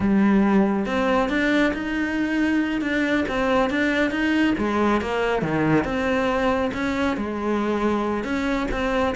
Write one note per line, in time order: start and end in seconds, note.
0.00 0.86 G3
0.86 1.29 C4
1.29 1.72 D4
1.73 2.81 D#4
2.81 3.24 D4
3.28 3.70 C4
3.70 4.10 D4
4.10 4.54 D#4
4.58 5.01 G#3
5.01 5.42 A#3
5.42 5.84 D#3
5.84 6.71 C4
6.73 7.16 C#4
7.16 8.24 G#3
8.24 8.67 C#4
8.71 9.14 C4